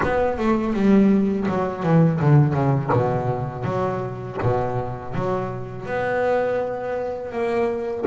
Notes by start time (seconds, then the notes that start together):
0.02 B3
0.38 A3
0.73 G3
1.48 F#3
1.83 E3
2.20 D3
2.53 C#3
2.92 B2
3.64 F#3
4.42 B2
5.14 F#3
5.85 B3
7.31 A#3